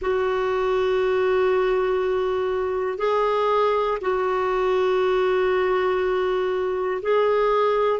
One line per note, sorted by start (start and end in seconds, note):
0.01 2.98 F#4
2.98 3.98 G#4
4.01 7.01 F#4
7.01 8.00 G#4